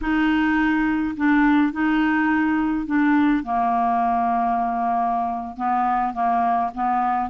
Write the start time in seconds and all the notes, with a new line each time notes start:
0.01 D#4
1.16 D4
1.72 D#4
2.86 D4
3.43 A#3
5.56 B3
6.13 A#3
6.74 B3